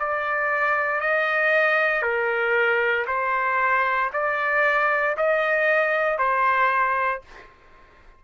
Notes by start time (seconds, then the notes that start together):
0.00 D5
1.01 D#5
2.03 A#4
3.08 C5
4.13 D5
5.18 D#5
6.19 C5